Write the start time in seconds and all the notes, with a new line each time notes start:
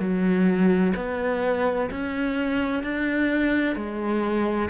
0.00 F#3
0.96 B3
1.91 C#4
2.83 D4
3.76 G#3